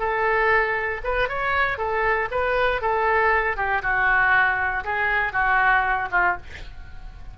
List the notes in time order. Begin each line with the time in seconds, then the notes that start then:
0.00 A4
1.04 B4
1.29 C#5
1.78 A4
2.31 B4
2.82 A4
3.57 G4
3.83 F#4
4.85 G#4
5.33 F#4
6.12 F4